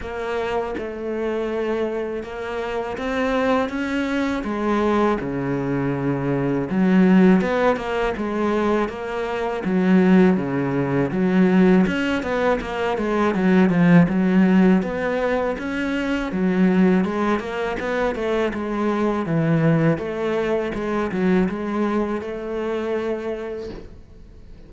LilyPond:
\new Staff \with { instrumentName = "cello" } { \time 4/4 \tempo 4 = 81 ais4 a2 ais4 | c'4 cis'4 gis4 cis4~ | cis4 fis4 b8 ais8 gis4 | ais4 fis4 cis4 fis4 |
cis'8 b8 ais8 gis8 fis8 f8 fis4 | b4 cis'4 fis4 gis8 ais8 | b8 a8 gis4 e4 a4 | gis8 fis8 gis4 a2 | }